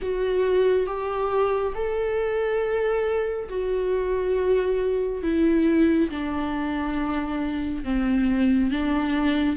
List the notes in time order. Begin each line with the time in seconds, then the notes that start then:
0.01 F#4
0.86 G4
1.74 A4
3.49 F#4
5.22 E4
6.09 D4
7.84 C4
8.70 D4